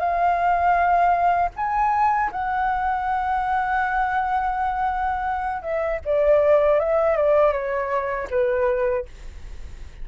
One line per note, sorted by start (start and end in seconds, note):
0.00 1.50 F5
1.56 2.31 G#5
2.32 5.62 F#5
5.62 6.00 E5
6.05 6.80 D5
6.80 7.17 E5
7.17 7.53 D5
7.53 8.28 C#5
8.31 9.06 B4